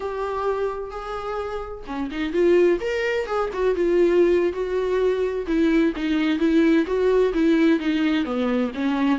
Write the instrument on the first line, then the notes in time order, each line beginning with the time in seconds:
viola
0.00 G4
0.90 G#4
1.86 C#4
2.11 D#4
2.33 F4
2.80 A#4
3.26 G#4
3.53 F#4
3.75 F4
4.52 F#4
5.47 E4
5.95 D#4
6.38 E4
6.86 F#4
7.33 E4
7.79 D#4
8.24 B3
8.74 C#4